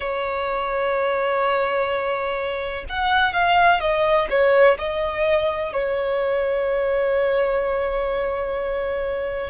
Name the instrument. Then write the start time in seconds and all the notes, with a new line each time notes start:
violin
0.00 C#5
2.89 F#5
3.33 F5
3.80 D#5
4.29 C#5
4.78 D#5
5.72 C#5